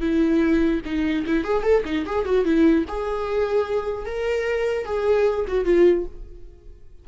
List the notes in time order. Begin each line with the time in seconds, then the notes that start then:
0.00 E4
0.85 D#4
1.26 E4
1.44 G#4
1.62 A4
1.85 D#4
2.06 G#4
2.25 F#4
2.44 E4
2.88 G#4
4.05 A#4
4.85 G#4
5.47 F#4
5.64 F4